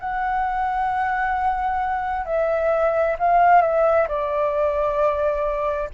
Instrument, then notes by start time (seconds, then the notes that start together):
flute
0.00 F#5
2.26 E5
3.19 F5
3.62 E5
4.08 D5